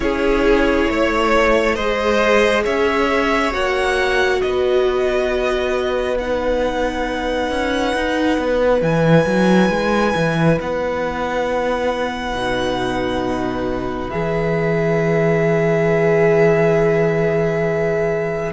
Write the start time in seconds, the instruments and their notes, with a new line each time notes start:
0.00 cello C#4, viola E4, violin G#4 C#5
0.90 cello A3, violin C#5
1.75 cello G#3, viola G#4, violin C5 D#5
2.63 cello C#4, violin C#5 E5
3.51 cello A#3, viola F#4, violin F#5
4.41 cello B3, violin B4 D#5
6.18 viola D#4, violin F#5
7.50 cello C#4
7.95 cello D#4
8.37 cello B3
8.81 cello E3, viola E4, violin G#5
9.26 cello F#3
9.69 cello G#3
10.15 cello E3
10.60 cello B3, violin F#5
12.32 cello B2, viola D#4
14.10 cello E3, viola G#4, violin E5